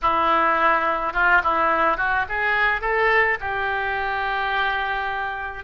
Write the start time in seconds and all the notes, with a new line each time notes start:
0.02 E4
1.13 F4
1.43 E4
1.97 F#4
2.28 G#4
2.81 A4
3.40 G4